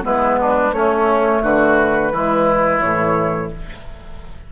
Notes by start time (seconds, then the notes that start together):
0.00 G#3 B3 E4 B4
0.40 D4
0.72 A3 C#4 C#5
1.42 D3 F#4 B4
2.11 E3 G#3 E4
2.80 A2 E3 C#5